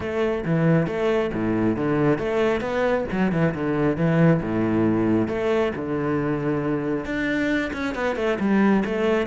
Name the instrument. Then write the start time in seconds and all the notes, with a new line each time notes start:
cello
0.00 A3
0.45 E3
0.86 A3
1.33 A2
1.76 D3
2.18 A3
2.60 B3
3.11 F#3
3.31 E3
3.54 D3
3.96 E3
4.42 A2
5.28 A3
5.75 D3
7.05 D4
7.73 C#4
7.95 B3
8.16 A3
8.39 G3
8.85 A3